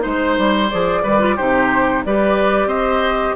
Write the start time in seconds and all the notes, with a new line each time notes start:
0.00 G#3 D#4 C5
0.37 G3
0.70 F3 G#4 D5
1.03 D#3 G3 B4
1.19 F4
1.36 C3 D#4 G4 C5
2.05 G3 G4 B4 D5
2.66 C4 C5 D#5